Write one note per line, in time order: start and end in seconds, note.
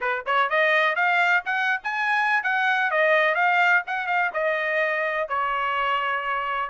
0.00 0.24 B4
0.25 0.49 C#5
0.49 0.95 D#5
0.95 1.43 F5
1.45 1.81 F#5
1.83 2.43 G#5
2.43 2.91 F#5
2.91 3.34 D#5
3.34 3.82 F5
3.86 4.06 F#5
4.06 4.30 F5
4.33 5.28 D#5
5.28 6.70 C#5